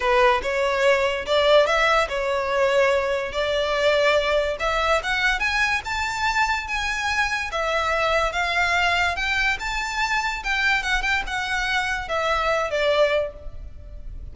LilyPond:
\new Staff \with { instrumentName = "violin" } { \time 4/4 \tempo 4 = 144 b'4 cis''2 d''4 | e''4 cis''2. | d''2. e''4 | fis''4 gis''4 a''2 |
gis''2 e''2 | f''2 g''4 a''4~ | a''4 g''4 fis''8 g''8 fis''4~ | fis''4 e''4. d''4. | }